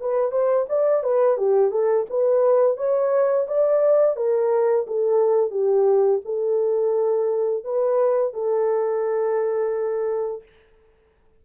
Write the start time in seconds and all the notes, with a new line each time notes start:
0.00 B4
0.31 C5
0.69 D5
1.03 B4
1.38 G4
1.71 A4
2.10 B4
2.77 C#5
3.48 D5
4.16 A#4
4.87 A4
5.51 G4
6.25 A4
7.64 B4
8.33 A4